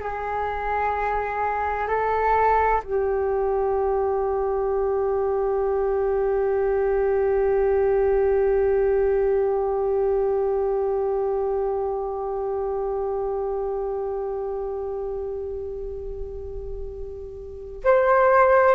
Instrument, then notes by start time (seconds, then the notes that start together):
flute
0.00 G#4
1.87 A4
2.83 G4
17.84 C5